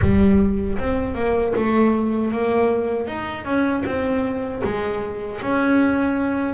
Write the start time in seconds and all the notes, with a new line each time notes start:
0.01 G3
0.78 C4
1.14 A#3
1.56 A3
2.31 A#3
3.07 D#4
3.44 C#4
3.85 C4
4.64 G#3
5.41 C#4